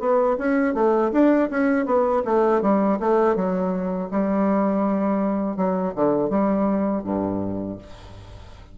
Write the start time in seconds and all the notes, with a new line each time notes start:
0.00 B3
0.39 C#4
0.75 A3
1.12 D4
1.51 C#4
1.86 B3
2.25 A3
2.62 G3
3.00 A3
3.36 F#3
4.11 G3
5.57 F#3
5.96 D3
6.30 G3
7.04 G2